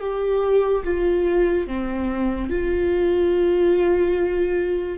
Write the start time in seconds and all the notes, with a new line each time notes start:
0.00 G4
0.84 F4
1.67 C4
2.50 F4